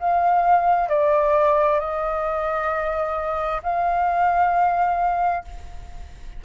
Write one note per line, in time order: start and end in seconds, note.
0.00 0.89 F5
0.89 1.80 D5
1.80 3.62 D#5
3.63 5.45 F5